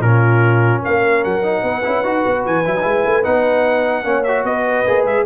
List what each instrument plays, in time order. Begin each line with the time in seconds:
0.00 tuba A#2, trombone C#4, horn F4, trumpet A#4
0.82 tuba A#3, horn A#4, trumpet F5
1.24 tuba F#3, trumpet F#5
1.42 trombone D#4
1.63 tuba B3, horn B4
1.84 tuba C#4, trombone E4
2.03 tuba D#4, trombone F#4
2.26 tuba B3
2.45 tuba E3, trumpet G#5
2.66 tuba F#3, trombone E4
2.76 trombone D#4
2.82 tuba G#3, trombone E4
3.05 tuba A3
3.23 tuba B3, trombone D#4, trumpet F#5
4.04 tuba A#3, trombone C#4, horn C#5
4.23 trombone F#4, trumpet E5
4.44 tuba B3, horn B4, trumpet D#5
4.86 tuba A#3, trombone G#4
5.04 tuba G#3, trumpet E5